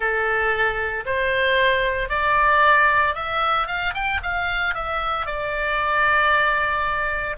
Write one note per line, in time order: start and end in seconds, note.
0.00 1.04 A4
1.05 2.09 C5
2.09 3.14 D5
3.14 3.67 E5
3.67 3.93 F5
3.94 4.20 G5
4.22 4.74 F5
4.74 5.26 E5
5.26 7.36 D5